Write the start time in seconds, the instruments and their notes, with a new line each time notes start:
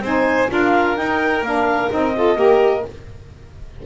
0.00 double bass C4, saxophone D#4, violin C5, clarinet G#5
0.48 double bass D4, saxophone F4, violin A#4, clarinet F5
0.95 saxophone D#4, double bass D#4, clarinet G5
1.42 double bass A#3, saxophone D4, clarinet F5
1.90 double bass C4, saxophone D#4, clarinet D#5
2.15 saxophone F4, violin A4
2.36 double bass A#3, saxophone G4, violin A#4